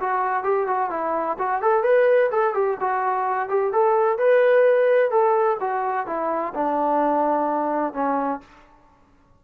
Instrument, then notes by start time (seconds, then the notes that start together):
trombone
0.00 F#4
0.43 G4
0.67 F#4
0.90 E4
1.38 F#4
1.62 A4
1.83 B4
2.31 A4
2.54 G4
2.80 F#4
3.49 G4
3.72 A4
4.18 B4
5.10 A4
5.60 F#4
6.06 E4
6.54 D4
7.93 C#4